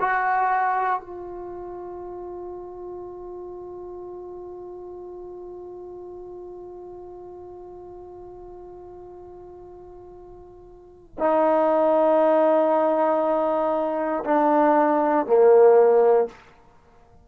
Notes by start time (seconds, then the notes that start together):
0.00 F#4
1.00 F4
11.19 D#4
14.25 D4
15.26 A#3